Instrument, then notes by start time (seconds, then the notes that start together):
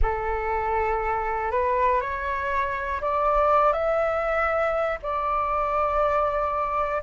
flute
0.02 A4
1.51 B4
2.00 C#5
3.01 D5
3.73 E5
5.02 D5